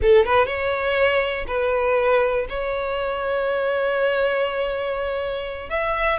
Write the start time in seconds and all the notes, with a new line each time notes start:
0.02 A4
0.25 B4
0.46 C#5
1.47 B4
2.49 C#5
5.69 E5